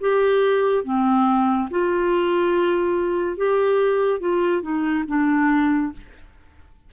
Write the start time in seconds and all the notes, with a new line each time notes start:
0.00 G4
0.84 C4
1.70 F4
3.36 G4
4.19 F4
4.62 D#4
5.07 D4